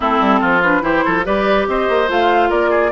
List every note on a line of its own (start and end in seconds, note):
0.00 0.20 A3
0.00 0.61 C4
0.00 0.40 E4
0.00 0.62 A4
0.20 0.41 G3
0.40 0.82 F3
0.40 0.81 F4
0.62 0.81 D4
0.62 0.83 B4
0.81 1.03 E3
0.81 1.23 E4
0.81 1.04 G4
0.81 1.25 C5
1.05 1.25 F3
1.05 1.25 A4
1.24 1.67 G3
1.24 2.07 G4
1.24 1.67 B4
1.24 1.67 D5
1.67 1.88 C4
1.67 2.49 C5
1.67 2.10 D#5
1.88 2.09 A#3
2.07 2.50 A3
2.07 2.91 F4
2.07 2.50 F5
2.49 2.92 A#3
2.49 2.70 A#4
2.49 2.92 D5
2.70 2.90 G#4